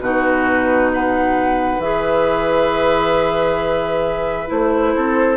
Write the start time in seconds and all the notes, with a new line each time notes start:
0.00 B2 D#4 F#4 B4
0.93 B4 F#5
1.79 E3 G#4 E5
4.47 A3 E4 C5
4.96 C4 A4